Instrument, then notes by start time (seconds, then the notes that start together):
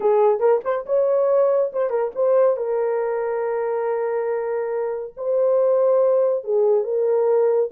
horn
0.00 G#4
0.39 A#4
0.64 C5
0.86 C#5
1.72 C5
1.90 A#4
2.15 C5
2.56 A#4
5.16 C5
6.44 G#4
6.84 A#4